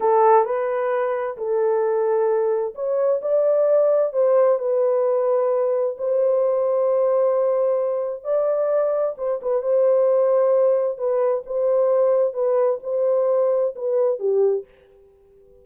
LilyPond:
\new Staff \with { instrumentName = "horn" } { \time 4/4 \tempo 4 = 131 a'4 b'2 a'4~ | a'2 cis''4 d''4~ | d''4 c''4 b'2~ | b'4 c''2.~ |
c''2 d''2 | c''8 b'8 c''2. | b'4 c''2 b'4 | c''2 b'4 g'4 | }